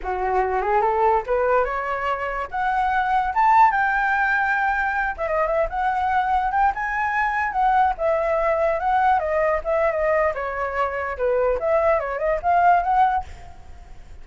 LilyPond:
\new Staff \with { instrumentName = "flute" } { \time 4/4 \tempo 4 = 145 fis'4. gis'8 a'4 b'4 | cis''2 fis''2 | a''4 g''2.~ | g''8 e''16 dis''8 e''8 fis''2 g''16~ |
g''16 gis''2 fis''4 e''8.~ | e''4~ e''16 fis''4 dis''4 e''8. | dis''4 cis''2 b'4 | e''4 cis''8 dis''8 f''4 fis''4 | }